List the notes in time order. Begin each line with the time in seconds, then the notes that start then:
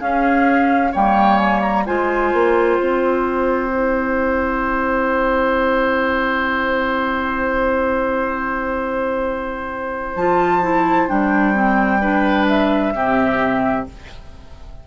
0.00 C#4 G#4 F5
0.92 G3 A#3 C#5 G5
1.37 G#5
1.62 A#5
1.86 G#3 F4 C5 G#5
2.33 A#3
2.78 C4 G5
3.70 E4
10.16 F3 F4 A5
10.62 E4
11.08 G3 D4 G5
11.54 C4
12.01 D4 B4
12.48 E5
12.94 C3 C4 G4